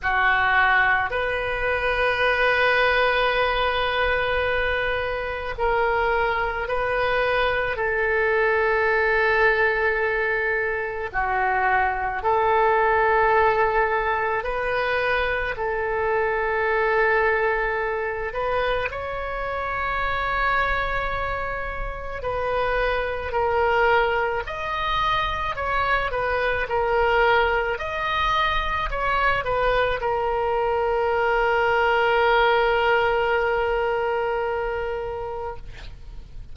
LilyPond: \new Staff \with { instrumentName = "oboe" } { \time 4/4 \tempo 4 = 54 fis'4 b'2.~ | b'4 ais'4 b'4 a'4~ | a'2 fis'4 a'4~ | a'4 b'4 a'2~ |
a'8 b'8 cis''2. | b'4 ais'4 dis''4 cis''8 b'8 | ais'4 dis''4 cis''8 b'8 ais'4~ | ais'1 | }